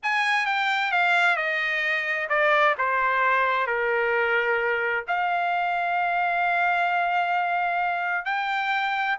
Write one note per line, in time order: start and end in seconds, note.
0.02 0.46 G#5
0.46 0.91 G5
0.91 1.36 F5
1.36 2.28 D#5
2.29 2.75 D5
2.78 3.66 C5
3.66 5.04 A#4
5.07 8.25 F5
8.25 9.16 G5